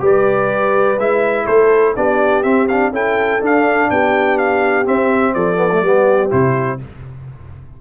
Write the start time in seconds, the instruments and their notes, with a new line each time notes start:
0.00 tuba G3, trombone G4, horn B4
0.06 trumpet D5
0.98 tuba G#3, trombone E4, trumpet E5
1.46 tuba A3, horn A4, trumpet C5
1.96 tuba B3, trombone D4, horn G4, trumpet D5
2.43 trombone C4, tuba C4, trumpet E5
2.68 trombone D4, trumpet F5
2.91 tuba C#4, trombone E4, horn A4, trumpet G5
3.41 trombone D4, tuba D4, trumpet F5
3.90 tuba B3, horn G4, trumpet G5
4.38 trumpet F5
4.84 trombone C4, tuba C4, trumpet E5
5.34 tuba F3, horn A4, trumpet D5
5.56 trombone B3
5.73 trombone A3
5.83 tuba G3, trombone B3, horn G4
6.30 tuba C3, trombone E4, trumpet C5